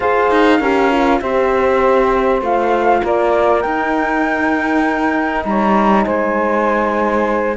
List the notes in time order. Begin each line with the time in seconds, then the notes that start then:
0.00 F4 G#4 C5 F5
0.30 D#4
0.59 C#4 G4 A#4
0.91 F4
1.20 C4 G4 C5 E5
2.41 A3 F4 F5
3.02 A#3 A#4 D5
3.61 D#4 G5
5.44 G3 C#5 A#5
6.04 G#3 C5 G#5